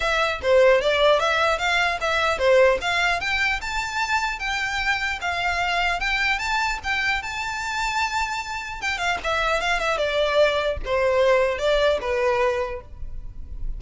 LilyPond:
\new Staff \with { instrumentName = "violin" } { \time 4/4 \tempo 4 = 150 e''4 c''4 d''4 e''4 | f''4 e''4 c''4 f''4 | g''4 a''2 g''4~ | g''4 f''2 g''4 |
a''4 g''4 a''2~ | a''2 g''8 f''8 e''4 | f''8 e''8 d''2 c''4~ | c''4 d''4 b'2 | }